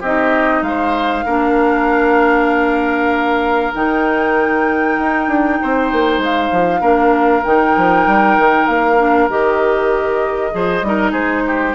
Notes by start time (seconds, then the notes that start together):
0.00 C4 D#4 G4 D#5
0.61 G#3 C5 F5
1.25 A#3 D4 A#4
3.73 D#3 D#4 G5
4.98 D#4
5.27 D4
5.62 C4 C5
5.92 A#3
6.18 G#3 F5
6.52 F3
6.80 A#3 D4 A#4
7.44 D#3 D#4 G5
7.76 F3
8.06 G3
8.38 D#3
8.66 A#3 F5
8.98 D4
9.29 D#3 G4 D#5
10.51 F3 G#4 C5
10.82 G3 D#4 A#4
11.11 G#3 G#4 C5
11.46 G4